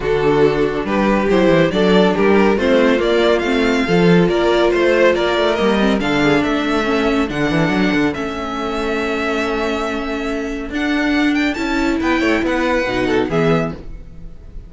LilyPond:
<<
  \new Staff \with { instrumentName = "violin" } { \time 4/4 \tempo 4 = 140 a'2 b'4 c''4 | d''4 ais'4 c''4 d''4 | f''2 d''4 c''4 | d''4 dis''4 f''4 e''4~ |
e''4 fis''2 e''4~ | e''1~ | e''4 fis''4. g''8 a''4 | g''4 fis''2 e''4 | }
  \new Staff \with { instrumentName = "violin" } { \time 4/4 fis'2 g'2 | a'4 g'4 f'2~ | f'4 a'4 ais'4 c''4 | ais'2 a'8 gis'8 a'4~ |
a'1~ | a'1~ | a'1 | b'8 cis''8 b'4. a'8 gis'4 | }
  \new Staff \with { instrumentName = "viola" } { \time 4/4 d'2. e'4 | d'2 c'4 ais4 | c'4 f'2.~ | f'4 ais8 c'8 d'2 |
cis'4 d'2 cis'4~ | cis'1~ | cis'4 d'2 e'4~ | e'2 dis'4 b4 | }
  \new Staff \with { instrumentName = "cello" } { \time 4/4 d2 g4 fis8 e8 | fis4 g4 a4 ais4 | a4 f4 ais4 a4 | ais8 a8 g4 d4 a4~ |
a4 d8 e8 fis8 d8 a4~ | a1~ | a4 d'2 cis'4 | b8 a8 b4 b,4 e4 | }
>>